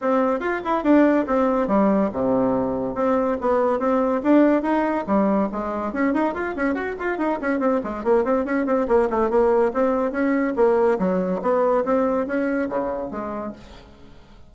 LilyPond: \new Staff \with { instrumentName = "bassoon" } { \time 4/4 \tempo 4 = 142 c'4 f'8 e'8 d'4 c'4 | g4 c2 c'4 | b4 c'4 d'4 dis'4 | g4 gis4 cis'8 dis'8 f'8 cis'8 |
fis'8 f'8 dis'8 cis'8 c'8 gis8 ais8 c'8 | cis'8 c'8 ais8 a8 ais4 c'4 | cis'4 ais4 fis4 b4 | c'4 cis'4 cis4 gis4 | }